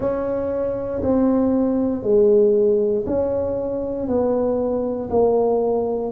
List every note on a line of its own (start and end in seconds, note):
0.00 1.02 C#4
1.02 2.02 C4
2.02 3.04 G#3
3.06 4.07 C#4
4.07 5.09 B3
5.10 6.12 A#3